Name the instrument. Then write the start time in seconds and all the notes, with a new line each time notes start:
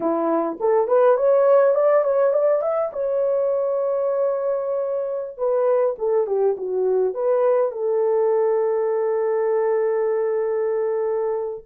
horn
0.00 E4
0.60 A4
0.87 B4
1.17 C#5
1.74 D5
2.04 C#5
2.33 D5
2.62 E5
2.92 C#5
5.37 B4
5.98 A4
6.26 G4
6.57 F#4
7.14 B4
7.71 A4